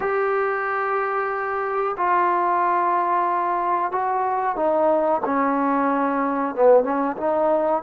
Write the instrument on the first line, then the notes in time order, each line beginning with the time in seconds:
trombone
0.00 G4
1.97 F4
3.91 F#4
4.56 D#4
5.25 C#4
6.55 B3
6.83 C#4
7.17 D#4